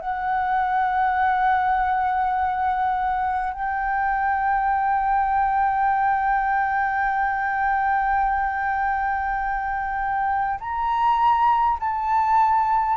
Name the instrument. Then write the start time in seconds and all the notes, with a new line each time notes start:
flute
0.00 F#5
3.53 G5
10.60 A#5
11.80 A5